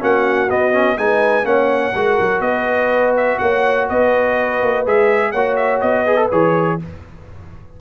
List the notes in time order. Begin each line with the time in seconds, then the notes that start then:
0.00 A#3 C#4 F#4 F#5
0.49 B3 D#5
0.73 C#4
0.98 G#3 D#4 B4 G#5
1.44 A#3 C#4 C#5 F#5
1.95 G#3 F#4 A#4
2.20 F#3
2.40 B3 B4 D#5
3.17 E5
3.39 A#3 C#5 F#5
3.89 B3 B4 D#5
4.62 A#3
4.86 G#3 G#4 E5
5.32 A#3 F#4 C#5 F#5
5.56 E5
5.81 B3 D#5
6.04 G#4 B4
6.17 A4
6.31 E3 G#4 C#5